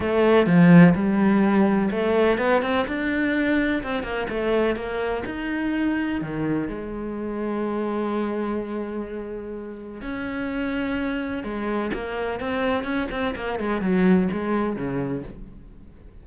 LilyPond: \new Staff \with { instrumentName = "cello" } { \time 4/4 \tempo 4 = 126 a4 f4 g2 | a4 b8 c'8 d'2 | c'8 ais8 a4 ais4 dis'4~ | dis'4 dis4 gis2~ |
gis1~ | gis4 cis'2. | gis4 ais4 c'4 cis'8 c'8 | ais8 gis8 fis4 gis4 cis4 | }